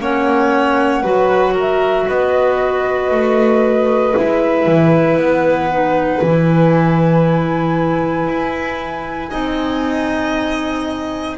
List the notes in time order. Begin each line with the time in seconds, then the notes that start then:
0.00 A#3 C#4 C#5 F#5
1.03 F#3 F#4 B4
1.54 A#4
1.60 E5
2.09 B3 B4 D#5
3.11 A3
4.15 G#3 E4 E5
4.67 E3
5.17 B3 F#5
5.71 D#4
6.22 E3 E4 G#5
8.28 E4
9.31 C4 D#4 D#5